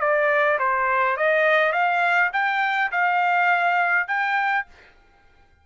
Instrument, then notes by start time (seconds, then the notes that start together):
trumpet
0.00 D5
0.59 C5
1.17 D#5
1.72 F5
2.33 G5
2.91 F5
4.08 G5